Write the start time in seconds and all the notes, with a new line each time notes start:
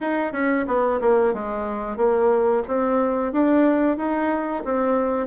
0.01 D#4
0.32 C#4
0.67 B3
1.00 A#3
1.33 G#3
1.96 A#3
2.67 C4
3.32 D4
3.97 D#4
4.64 C4